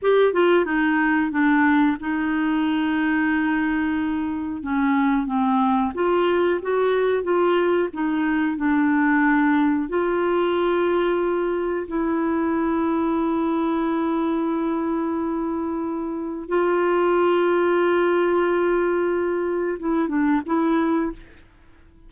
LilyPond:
\new Staff \with { instrumentName = "clarinet" } { \time 4/4 \tempo 4 = 91 g'8 f'8 dis'4 d'4 dis'4~ | dis'2. cis'4 | c'4 f'4 fis'4 f'4 | dis'4 d'2 f'4~ |
f'2 e'2~ | e'1~ | e'4 f'2.~ | f'2 e'8 d'8 e'4 | }